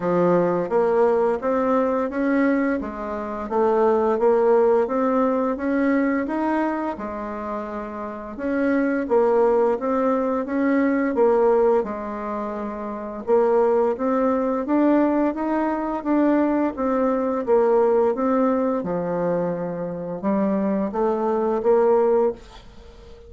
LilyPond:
\new Staff \with { instrumentName = "bassoon" } { \time 4/4 \tempo 4 = 86 f4 ais4 c'4 cis'4 | gis4 a4 ais4 c'4 | cis'4 dis'4 gis2 | cis'4 ais4 c'4 cis'4 |
ais4 gis2 ais4 | c'4 d'4 dis'4 d'4 | c'4 ais4 c'4 f4~ | f4 g4 a4 ais4 | }